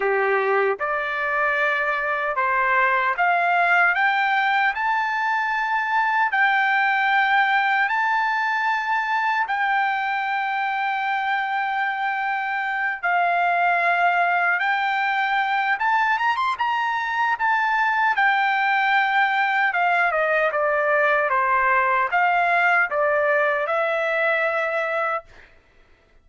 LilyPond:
\new Staff \with { instrumentName = "trumpet" } { \time 4/4 \tempo 4 = 76 g'4 d''2 c''4 | f''4 g''4 a''2 | g''2 a''2 | g''1~ |
g''8 f''2 g''4. | a''8 ais''16 c'''16 ais''4 a''4 g''4~ | g''4 f''8 dis''8 d''4 c''4 | f''4 d''4 e''2 | }